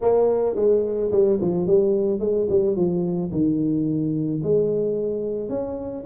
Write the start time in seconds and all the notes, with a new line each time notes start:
0.01 A#3
0.55 G#3
1.11 G3
1.41 F3
1.66 G3
2.19 G#3
2.49 G3
2.76 F3
3.31 D#3
4.43 G#3
5.49 C#4